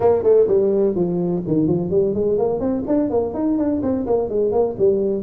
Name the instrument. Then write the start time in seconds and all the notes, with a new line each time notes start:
tuba
0.00 A#3
0.23 A3
0.47 G3
0.95 F3
1.47 D#3
1.67 F3
1.90 G3
2.14 G#3
2.37 A#3
2.60 C4
2.87 D4
3.10 A#3
3.34 D#4
3.58 D4
3.82 C4
4.06 A#3
4.29 G#3
4.52 A#3
4.78 G3